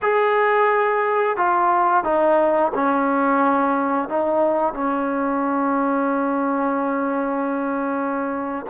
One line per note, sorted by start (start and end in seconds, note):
0.02 1.36 G#4
1.36 2.04 F4
2.04 2.72 D#4
2.74 4.08 C#4
4.08 4.73 D#4
4.73 8.65 C#4